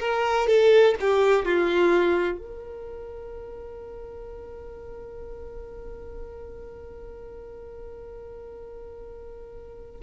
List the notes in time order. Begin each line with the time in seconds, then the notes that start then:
0.00 A#4
0.48 A4
1.01 G4
1.45 F4
2.39 A#4